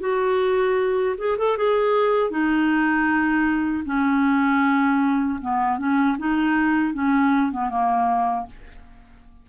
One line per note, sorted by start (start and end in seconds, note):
0.00 1.15 F#4
1.18 1.37 G#4
1.38 1.57 A4
1.57 2.30 G#4
2.30 3.84 D#4
3.85 5.39 C#4
5.41 5.78 B3
5.78 6.17 C#4
6.19 6.94 D#4
6.94 7.51 C#4
7.52 7.70 B3
7.70 8.47 A#3